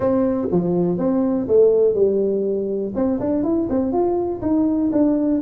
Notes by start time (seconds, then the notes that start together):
0.00 C4
0.51 F3
0.98 C4
1.47 A3
1.94 G3
2.95 C4
3.20 D4
3.43 E4
3.69 C4
3.92 F4
4.41 D#4
4.92 D4